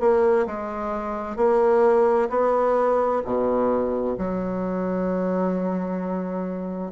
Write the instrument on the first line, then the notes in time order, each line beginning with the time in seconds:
bassoon
0.00 A#3
0.47 G#3
1.36 A#3
2.30 B3
3.25 B2
4.18 F#3